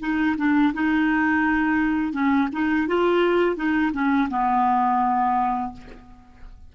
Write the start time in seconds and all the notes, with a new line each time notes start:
0.00 D#4
0.37 D4
0.74 D#4
2.13 C#4
2.52 D#4
2.88 F4
3.56 D#4
3.93 C#4
4.30 B3